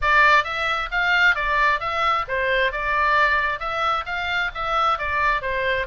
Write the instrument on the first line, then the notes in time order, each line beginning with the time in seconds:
oboe
0.01 D5
0.44 E5
0.91 F5
1.35 D5
1.80 E5
2.28 C5
2.72 D5
3.59 E5
4.05 F5
4.54 E5
4.98 D5
5.41 C5